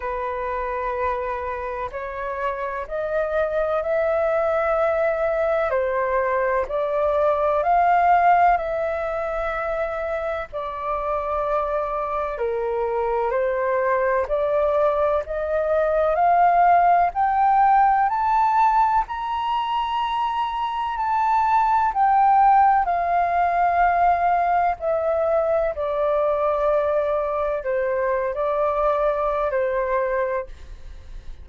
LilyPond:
\new Staff \with { instrumentName = "flute" } { \time 4/4 \tempo 4 = 63 b'2 cis''4 dis''4 | e''2 c''4 d''4 | f''4 e''2 d''4~ | d''4 ais'4 c''4 d''4 |
dis''4 f''4 g''4 a''4 | ais''2 a''4 g''4 | f''2 e''4 d''4~ | d''4 c''8. d''4~ d''16 c''4 | }